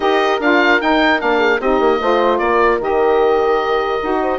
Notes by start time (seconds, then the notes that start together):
0.00 D#4 G4 A#4 D#5
0.39 D4 F4 F5
0.80 D#4 G5
1.18 A#3 D4 F5
1.37 G#4
1.60 C4 D#4 G4 D#5
1.80 A#3
2.00 A3 F4 C5
2.38 A#3 A#4 D5
2.79 D#3 G4 D#5
4.00 D#4 F#4
4.21 C5